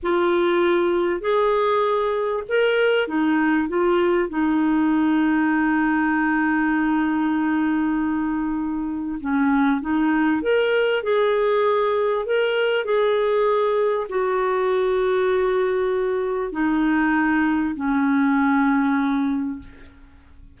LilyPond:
\new Staff \with { instrumentName = "clarinet" } { \time 4/4 \tempo 4 = 98 f'2 gis'2 | ais'4 dis'4 f'4 dis'4~ | dis'1~ | dis'2. cis'4 |
dis'4 ais'4 gis'2 | ais'4 gis'2 fis'4~ | fis'2. dis'4~ | dis'4 cis'2. | }